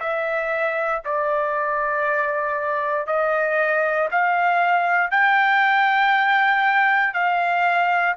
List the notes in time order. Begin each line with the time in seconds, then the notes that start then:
0.00 E5
1.04 D5
3.07 D#5
4.11 F5
5.11 G5
7.14 F5